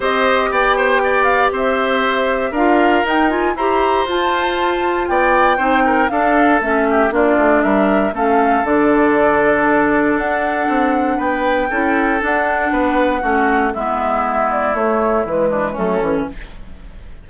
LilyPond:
<<
  \new Staff \with { instrumentName = "flute" } { \time 4/4 \tempo 4 = 118 dis''4 g''4. f''8 e''4~ | e''4 f''4 g''8 gis''8 ais''4 | a''2 g''2 | f''4 e''4 d''4 e''4 |
f''4 d''2. | fis''2 g''2 | fis''2. e''4~ | e''8 d''8 cis''4 b'4 a'4 | }
  \new Staff \with { instrumentName = "oboe" } { \time 4/4 c''4 d''8 c''8 d''4 c''4~ | c''4 ais'2 c''4~ | c''2 d''4 c''8 ais'8 | a'4. g'8 f'4 ais'4 |
a'1~ | a'2 b'4 a'4~ | a'4 b'4 fis'4 e'4~ | e'2~ e'8 d'8 cis'4 | }
  \new Staff \with { instrumentName = "clarinet" } { \time 4/4 g'1~ | g'4 f'4 dis'8 f'8 g'4 | f'2. dis'4 | d'4 cis'4 d'2 |
cis'4 d'2.~ | d'2. e'4 | d'2 cis'4 b4~ | b4 a4 gis4 a8 cis'8 | }
  \new Staff \with { instrumentName = "bassoon" } { \time 4/4 c'4 b2 c'4~ | c'4 d'4 dis'4 e'4 | f'2 b4 c'4 | d'4 a4 ais8 a8 g4 |
a4 d2. | d'4 c'4 b4 cis'4 | d'4 b4 a4 gis4~ | gis4 a4 e4 fis8 e8 | }
>>